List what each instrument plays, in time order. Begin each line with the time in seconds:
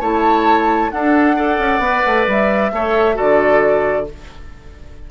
0.00 bassoon A3, clarinet E4, oboe C#5, flute A5
0.90 clarinet D4, bassoon D4, oboe A4, flute F#5
1.35 clarinet A4, oboe D5
1.58 bassoon C#4
1.78 bassoon B3, clarinet B4
2.06 bassoon A3
2.27 bassoon G3, flute E5
2.72 bassoon A3, clarinet A4, oboe C#5
3.14 clarinet F#4, oboe A4, flute D5
3.20 bassoon D3